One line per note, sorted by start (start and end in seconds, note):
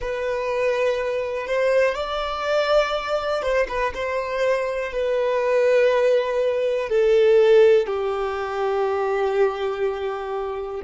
0.00 1.47 B4
1.47 1.94 C5
1.94 3.42 D5
3.42 3.67 C5
3.68 3.93 B4
3.94 4.92 C5
4.92 6.89 B4
6.89 7.86 A4
7.86 10.82 G4